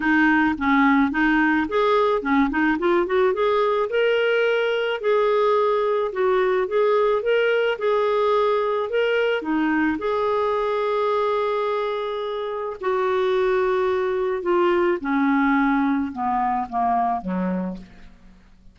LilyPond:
\new Staff \with { instrumentName = "clarinet" } { \time 4/4 \tempo 4 = 108 dis'4 cis'4 dis'4 gis'4 | cis'8 dis'8 f'8 fis'8 gis'4 ais'4~ | ais'4 gis'2 fis'4 | gis'4 ais'4 gis'2 |
ais'4 dis'4 gis'2~ | gis'2. fis'4~ | fis'2 f'4 cis'4~ | cis'4 b4 ais4 fis4 | }